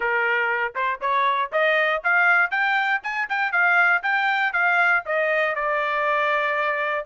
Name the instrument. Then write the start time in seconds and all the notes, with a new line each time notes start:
trumpet
0.00 A#4
0.75 C5
1.00 C#5
1.52 D#5
2.03 F5
2.50 G5
3.03 G#5
3.29 G5
3.52 F5
4.02 G5
4.52 F5
5.05 D#5
5.55 D5